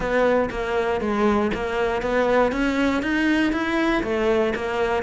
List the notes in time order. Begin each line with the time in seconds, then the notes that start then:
0.00 B3
0.50 A#3
1.01 G#3
1.54 A#3
2.02 B3
2.52 C#4
3.02 D#4
3.52 E4
4.03 A3
4.55 A#3